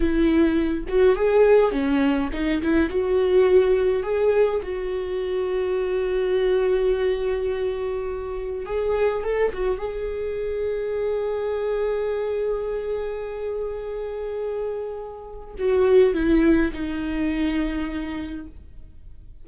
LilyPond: \new Staff \with { instrumentName = "viola" } { \time 4/4 \tempo 4 = 104 e'4. fis'8 gis'4 cis'4 | dis'8 e'8 fis'2 gis'4 | fis'1~ | fis'2. gis'4 |
a'8 fis'8 gis'2.~ | gis'1~ | gis'2. fis'4 | e'4 dis'2. | }